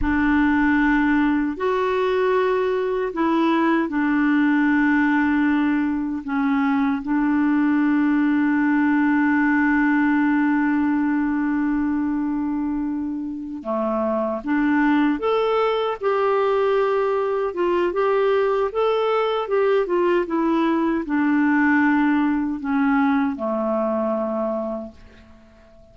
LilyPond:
\new Staff \with { instrumentName = "clarinet" } { \time 4/4 \tempo 4 = 77 d'2 fis'2 | e'4 d'2. | cis'4 d'2.~ | d'1~ |
d'4. a4 d'4 a'8~ | a'8 g'2 f'8 g'4 | a'4 g'8 f'8 e'4 d'4~ | d'4 cis'4 a2 | }